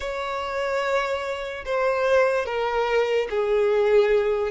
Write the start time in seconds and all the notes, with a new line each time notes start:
0.00 C#5
1.65 C5
2.45 A#4
3.30 G#4